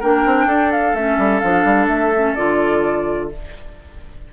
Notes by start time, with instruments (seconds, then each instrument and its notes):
0.00 bassoon A#3, clarinet D4, oboe A#4, flute G5
0.26 bassoon C4
0.46 bassoon D4, oboe A4
0.72 flute F5
0.94 bassoon A3, clarinet C#4, flute E5
1.18 bassoon G3
1.40 bassoon F3, clarinet D4, flute F5
1.65 bassoon G3
1.88 bassoon A3, flute E5
2.15 clarinet C#4
2.35 bassoon D3, clarinet F4, flute D5